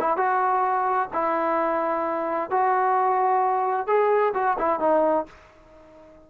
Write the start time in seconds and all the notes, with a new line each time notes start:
0.00 E4
0.17 F#4
1.13 E4
2.50 F#4
3.87 G#4
4.34 F#4
4.59 E4
4.80 D#4